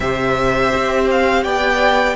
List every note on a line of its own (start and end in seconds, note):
0.00 0.72 C3
0.00 2.16 G4
0.00 1.43 C5
0.00 1.08 E5
0.74 1.45 C4
1.10 1.43 F5
1.43 2.16 B3
1.43 2.15 D5
1.43 2.16 G5